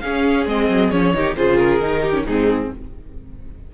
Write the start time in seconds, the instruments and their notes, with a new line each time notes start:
0.00 cello C#4, viola C#4, violin G#4 F5
0.46 cello G#3, viola C4, violin D#5
0.68 cello F#3
0.90 cello F3, viola C#4, violin C#5
1.14 cello D#3, viola D#4, violin G4
1.36 cello C#3, viola F4, violin G#4 C5
1.58 violin A#4
1.80 cello D#3, viola D#4
2.02 violin G4
2.13 viola C#4
2.25 cello G#2, viola C4, violin D#4 G#4